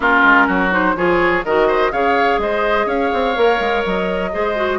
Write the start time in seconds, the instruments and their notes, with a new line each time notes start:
0.00 bassoon A#3, clarinet C#4, oboe F4, flute A#4
0.23 bassoon G#3
0.47 bassoon F#3, oboe F#4
0.71 clarinet D#4, flute C5
0.95 bassoon F3, clarinet F4, oboe G#4, flute C#5
1.45 bassoon D#3, clarinet F#4, oboe A#4, flute D#5
1.67 oboe C5
1.91 bassoon C#3, clarinet G#4, oboe C#5, flute F5
2.38 bassoon G#3, oboe C5, flute D#5
2.85 bassoon C#4, oboe C#5, flute F5
3.13 bassoon C4
3.35 bassoon A#3, clarinet A#4
3.59 bassoon G#3
3.85 bassoon F#3, flute D#5
4.32 bassoon G#3, clarinet G#4, oboe C5
4.55 clarinet F#4